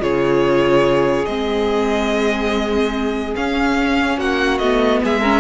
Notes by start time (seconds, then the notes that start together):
0.00 C#3 F4 G#4 C#5
1.26 G#3 C4 D#5
3.36 C#4 F5
4.17 A#3 F#4 F#5
4.58 A3 B3 D#5
5.03 G#3 G#4 E5
5.21 C#4 A#4